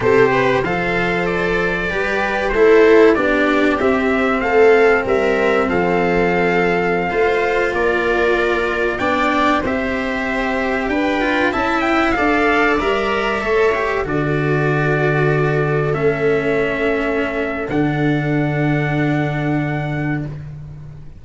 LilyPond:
<<
  \new Staff \with { instrumentName = "trumpet" } { \time 4/4 \tempo 4 = 95 c''4 f''4 d''2 | c''4 d''4 e''4 f''4 | e''4 f''2.~ | f''16 d''2 g''4 e''8.~ |
e''4~ e''16 g''4 a''8 g''8 f''8.~ | f''16 e''2 d''4.~ d''16~ | d''4~ d''16 e''2~ e''8. | fis''1 | }
  \new Staff \with { instrumentName = "viola" } { \time 4/4 a'8 b'8 c''2 b'4 | a'4 g'2 a'4 | ais'4 a'2~ a'16 c''8.~ | c''16 ais'2 d''4 c''8.~ |
c''4~ c''16 b'4 e''4 d''8.~ | d''4~ d''16 cis''4 a'4.~ a'16~ | a'1~ | a'1 | }
  \new Staff \with { instrumentName = "cello" } { \time 4/4 g'4 a'2 g'4 | e'4 d'4 c'2~ | c'2.~ c'16 f'8.~ | f'2~ f'16 d'4 g'8.~ |
g'4.~ g'16 f'8 e'4 a'8.~ | a'16 ais'4 a'8 g'8 fis'4.~ fis'16~ | fis'4~ fis'16 cis'2~ cis'8. | d'1 | }
  \new Staff \with { instrumentName = "tuba" } { \time 4/4 c4 f2 g4 | a4 b4 c'4 a4 | g4 f2~ f16 a8.~ | a16 ais2 b4 c'8.~ |
c'4~ c'16 d'4 cis'4 d'8.~ | d'16 g4 a4 d4.~ d16~ | d4~ d16 a2~ a8. | d1 | }
>>